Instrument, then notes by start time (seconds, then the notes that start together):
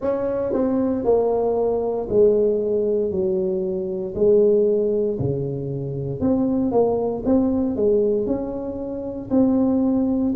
tuba
0.01 C#4
0.53 C4
1.04 A#3
2.09 G#3
3.10 F#3
4.14 G#3
5.19 C#3
6.20 C4
6.71 A#3
7.25 C4
7.75 G#3
8.26 C#4
9.30 C4